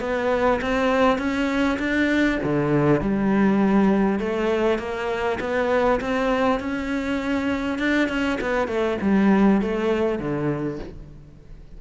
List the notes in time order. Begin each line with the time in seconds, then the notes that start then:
0.00 B3
0.61 C4
1.18 C#4
1.79 D4
2.43 D3
3.01 G3
4.19 A3
4.78 A#3
5.40 B3
6.00 C4
6.59 C#4
7.78 D4
8.08 C#4
8.41 B3
8.68 A3
9.01 G3
9.61 A3
10.19 D3